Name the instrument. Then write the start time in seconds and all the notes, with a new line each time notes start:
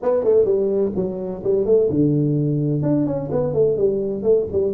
tuba
0.02 B3
0.24 A3
0.44 G3
0.95 F#3
1.44 G3
1.65 A3
1.90 D3
2.82 D4
3.06 C#4
3.31 B3
3.53 A3
3.77 G3
4.22 A3
4.51 G3